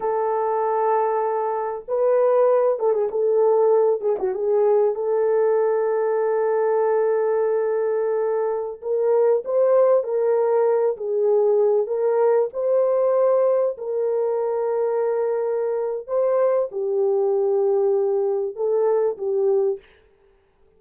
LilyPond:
\new Staff \with { instrumentName = "horn" } { \time 4/4 \tempo 4 = 97 a'2. b'4~ | b'8 a'16 gis'16 a'4. gis'16 fis'16 gis'4 | a'1~ | a'2~ a'16 ais'4 c''8.~ |
c''16 ais'4. gis'4. ais'8.~ | ais'16 c''2 ais'4.~ ais'16~ | ais'2 c''4 g'4~ | g'2 a'4 g'4 | }